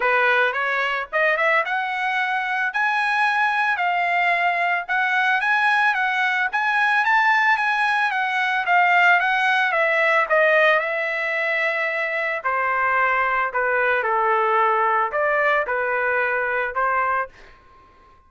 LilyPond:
\new Staff \with { instrumentName = "trumpet" } { \time 4/4 \tempo 4 = 111 b'4 cis''4 dis''8 e''8 fis''4~ | fis''4 gis''2 f''4~ | f''4 fis''4 gis''4 fis''4 | gis''4 a''4 gis''4 fis''4 |
f''4 fis''4 e''4 dis''4 | e''2. c''4~ | c''4 b'4 a'2 | d''4 b'2 c''4 | }